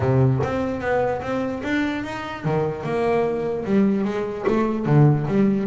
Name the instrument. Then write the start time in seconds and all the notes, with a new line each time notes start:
double bass
0.00 C3
0.43 C4
0.80 B3
1.21 C4
1.63 D4
2.04 D#4
2.44 D#3
2.83 A#3
3.64 G3
4.04 G#3
4.47 A3
4.85 D3
5.27 G3